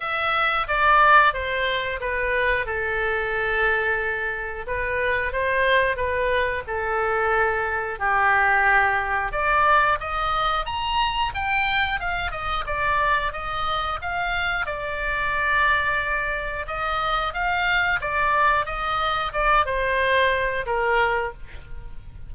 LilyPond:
\new Staff \with { instrumentName = "oboe" } { \time 4/4 \tempo 4 = 90 e''4 d''4 c''4 b'4 | a'2. b'4 | c''4 b'4 a'2 | g'2 d''4 dis''4 |
ais''4 g''4 f''8 dis''8 d''4 | dis''4 f''4 d''2~ | d''4 dis''4 f''4 d''4 | dis''4 d''8 c''4. ais'4 | }